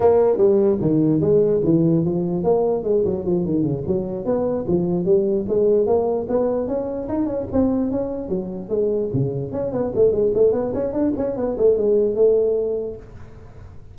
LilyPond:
\new Staff \with { instrumentName = "tuba" } { \time 4/4 \tempo 4 = 148 ais4 g4 dis4 gis4 | e4 f4 ais4 gis8 fis8 | f8 dis8 cis8 fis4 b4 f8~ | f8 g4 gis4 ais4 b8~ |
b8 cis'4 dis'8 cis'8 c'4 cis'8~ | cis'8 fis4 gis4 cis4 cis'8 | b8 a8 gis8 a8 b8 cis'8 d'8 cis'8 | b8 a8 gis4 a2 | }